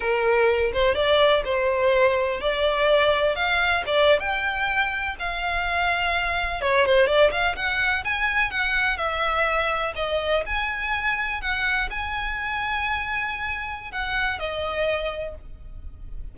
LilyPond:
\new Staff \with { instrumentName = "violin" } { \time 4/4 \tempo 4 = 125 ais'4. c''8 d''4 c''4~ | c''4 d''2 f''4 | d''8. g''2 f''4~ f''16~ | f''4.~ f''16 cis''8 c''8 d''8 f''8 fis''16~ |
fis''8. gis''4 fis''4 e''4~ e''16~ | e''8. dis''4 gis''2 fis''16~ | fis''8. gis''2.~ gis''16~ | gis''4 fis''4 dis''2 | }